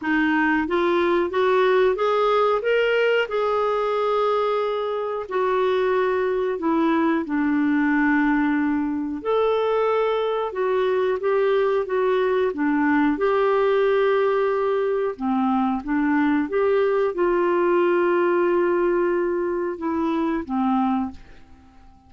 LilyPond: \new Staff \with { instrumentName = "clarinet" } { \time 4/4 \tempo 4 = 91 dis'4 f'4 fis'4 gis'4 | ais'4 gis'2. | fis'2 e'4 d'4~ | d'2 a'2 |
fis'4 g'4 fis'4 d'4 | g'2. c'4 | d'4 g'4 f'2~ | f'2 e'4 c'4 | }